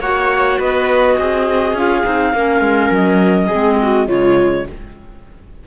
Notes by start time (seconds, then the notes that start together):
0.00 A#3 F#4 C#5 F#5
0.59 B3 B4 D#5
1.18 C4 G#4
1.74 C#4 F4 F5
2.04 C4 D#4
2.34 A#3 C#4 A#4
2.61 G#3
2.91 F#3 D#5
3.47 C4 G#4
3.55 G#3
3.83 F#4
4.08 C#3 G#3 F4 C#5